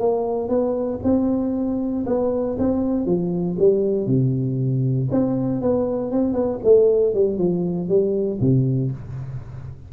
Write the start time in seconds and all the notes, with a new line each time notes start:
0.00 A#3
0.49 B3
1.04 C4
2.07 B3
2.59 C4
3.06 F3
3.59 G3
4.07 C3
5.11 C4
5.62 B3
6.12 C4
6.34 B3
6.64 A3
7.15 G3
7.38 F3
7.89 G3
8.41 C3